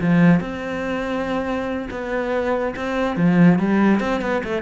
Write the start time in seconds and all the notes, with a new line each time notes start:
0.00 F3
0.40 C4
1.90 B3
2.76 C4
3.16 F3
3.58 G3
4.00 C4
4.21 B3
4.44 A3